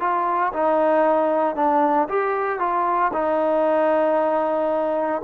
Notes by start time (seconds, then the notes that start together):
0.00 F4
0.53 D#4
1.56 D4
2.09 G4
2.59 F4
3.13 D#4